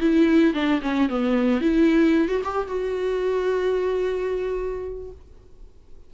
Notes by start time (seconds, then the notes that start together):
0.00 E4
0.54 D4
0.82 C#4
1.09 B3
1.61 E4
2.28 F#4
2.44 G4
2.67 F#4